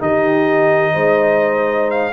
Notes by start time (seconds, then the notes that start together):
0.00 D#3 D#4 G4 D#5
0.94 G#3 C5
1.91 F5